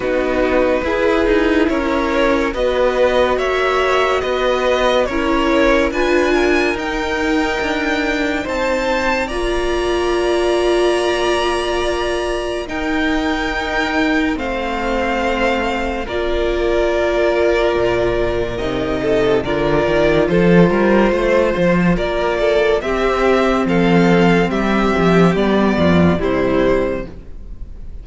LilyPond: <<
  \new Staff \with { instrumentName = "violin" } { \time 4/4 \tempo 4 = 71 b'2 cis''4 dis''4 | e''4 dis''4 cis''4 gis''4 | g''2 a''4 ais''4~ | ais''2. g''4~ |
g''4 f''2 d''4~ | d''2 dis''4 d''4 | c''2 d''4 e''4 | f''4 e''4 d''4 c''4 | }
  \new Staff \with { instrumentName = "violin" } { \time 4/4 fis'4 gis'4 ais'4 b'4 | cis''4 b'4 ais'4 b'8 ais'8~ | ais'2 c''4 d''4~ | d''2. ais'4~ |
ais'4 c''2 ais'4~ | ais'2~ ais'8 a'8 ais'4 | a'8 ais'8 c''4 ais'8 a'8 g'4 | a'4 g'4. f'8 e'4 | }
  \new Staff \with { instrumentName = "viola" } { \time 4/4 dis'4 e'2 fis'4~ | fis'2 e'4 f'4 | dis'2. f'4~ | f'2. dis'4~ |
dis'4 c'2 f'4~ | f'2 dis'4 f'4~ | f'2. c'4~ | c'2 b4 g4 | }
  \new Staff \with { instrumentName = "cello" } { \time 4/4 b4 e'8 dis'8 cis'4 b4 | ais4 b4 cis'4 d'4 | dis'4 d'4 c'4 ais4~ | ais2. dis'4~ |
dis'4 a2 ais4~ | ais4 ais,4 c4 d8 dis8 | f8 g8 a8 f8 ais4 c'4 | f4 g8 f8 g8 f,8 c4 | }
>>